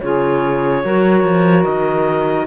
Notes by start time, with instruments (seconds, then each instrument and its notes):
0.00 cello C#3, clarinet F4 C#5, saxophone G#4
0.83 cello F#3, clarinet F#4, saxophone A#4
1.23 cello F3
1.63 cello D#3, clarinet D#5